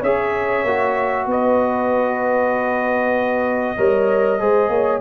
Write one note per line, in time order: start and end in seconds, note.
0.00 0.64 C#4
0.00 0.67 G#4
0.00 1.25 C#5
0.00 1.28 E5
0.64 1.26 A#3
0.64 3.77 F#4
1.26 3.76 B3
1.26 3.76 B4
1.26 5.01 D#5
3.76 4.40 G3
3.76 4.39 A#4
3.76 4.39 C#5
4.39 4.69 G#3
4.39 5.01 G#4
4.39 4.70 C5
4.69 5.00 A#3
4.69 5.01 C#5